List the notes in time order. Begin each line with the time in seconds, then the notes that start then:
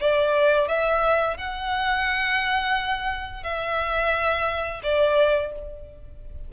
0.00 D5
0.68 E5
1.37 F#5
3.43 E5
4.83 D5